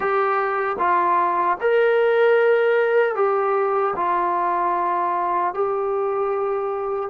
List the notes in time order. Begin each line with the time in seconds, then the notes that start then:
0.00 G4
0.78 F4
1.60 A#4
3.15 G4
3.96 F4
5.54 G4